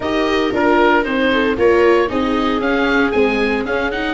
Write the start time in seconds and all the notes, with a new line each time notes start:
0.00 D#4 G4 A#4 D#5
0.52 D4 F4 A#4
1.02 C4 D#4 C5
1.32 A4
1.57 A#3 F4 A#4 C#5
2.07 C4 D#4 G#4 D#5
2.60 C#4 F5
3.11 G#3 C4 G#5
3.65 C#4 F5
3.91 D#4 F#5